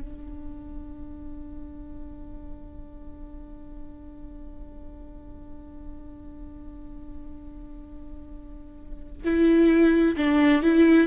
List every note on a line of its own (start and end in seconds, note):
0.00 9.23 D4
9.23 10.16 E4
10.16 10.62 D4
10.62 11.07 E4